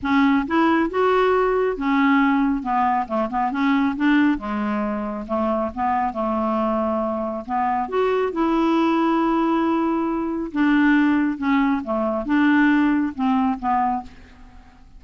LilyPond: \new Staff \with { instrumentName = "clarinet" } { \time 4/4 \tempo 4 = 137 cis'4 e'4 fis'2 | cis'2 b4 a8 b8 | cis'4 d'4 gis2 | a4 b4 a2~ |
a4 b4 fis'4 e'4~ | e'1 | d'2 cis'4 a4 | d'2 c'4 b4 | }